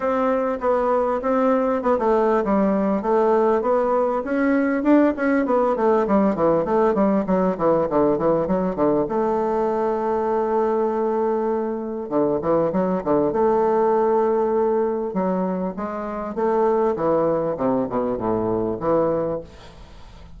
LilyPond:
\new Staff \with { instrumentName = "bassoon" } { \time 4/4 \tempo 4 = 99 c'4 b4 c'4 b16 a8. | g4 a4 b4 cis'4 | d'8 cis'8 b8 a8 g8 e8 a8 g8 | fis8 e8 d8 e8 fis8 d8 a4~ |
a1 | d8 e8 fis8 d8 a2~ | a4 fis4 gis4 a4 | e4 c8 b,8 a,4 e4 | }